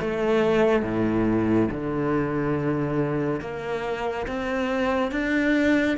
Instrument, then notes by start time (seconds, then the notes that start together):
cello
0.00 A3
0.82 A2
1.70 D3
3.41 A#3
4.27 C4
5.11 D4